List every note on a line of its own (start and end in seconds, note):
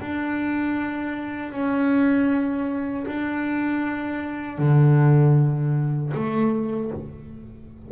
0.00 1.52 D4
1.52 3.06 C#4
3.06 4.58 D4
4.58 6.12 D3
6.14 6.91 A3